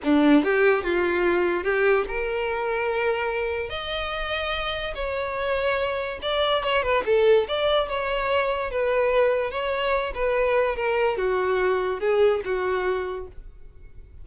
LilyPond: \new Staff \with { instrumentName = "violin" } { \time 4/4 \tempo 4 = 145 d'4 g'4 f'2 | g'4 ais'2.~ | ais'4 dis''2. | cis''2. d''4 |
cis''8 b'8 a'4 d''4 cis''4~ | cis''4 b'2 cis''4~ | cis''8 b'4. ais'4 fis'4~ | fis'4 gis'4 fis'2 | }